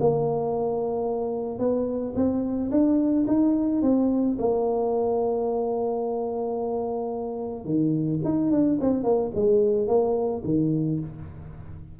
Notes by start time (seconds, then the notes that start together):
0.00 A#3
1.59 B3
2.16 C4
2.71 D4
3.27 D#4
3.82 C4
4.39 A#3
7.65 D#3
8.24 D#4
8.51 D4
8.81 C4
9.04 A#3
9.35 G#3
9.88 A#3
10.45 D#3